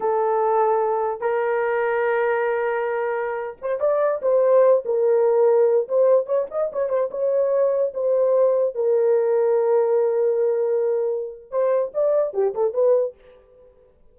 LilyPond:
\new Staff \with { instrumentName = "horn" } { \time 4/4 \tempo 4 = 146 a'2. ais'4~ | ais'1~ | ais'8. c''8 d''4 c''4. ais'16~ | ais'2~ ais'16 c''4 cis''8 dis''16~ |
dis''16 cis''8 c''8 cis''2 c''8.~ | c''4~ c''16 ais'2~ ais'8.~ | ais'1 | c''4 d''4 g'8 a'8 b'4 | }